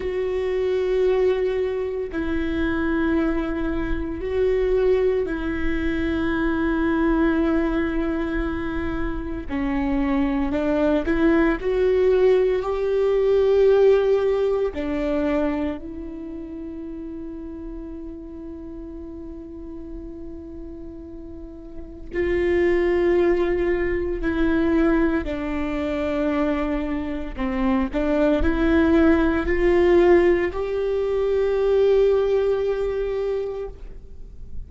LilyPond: \new Staff \with { instrumentName = "viola" } { \time 4/4 \tempo 4 = 57 fis'2 e'2 | fis'4 e'2.~ | e'4 cis'4 d'8 e'8 fis'4 | g'2 d'4 e'4~ |
e'1~ | e'4 f'2 e'4 | d'2 c'8 d'8 e'4 | f'4 g'2. | }